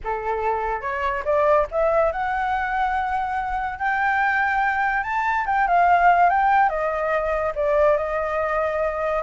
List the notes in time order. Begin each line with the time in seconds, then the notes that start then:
0.03 A4
0.81 C#5
1.25 D5
1.71 E5
2.12 F#5
3.78 G5
5.03 A5
5.46 G5
5.67 F5
6.29 G5
6.69 D#5
7.55 D5
7.97 D#5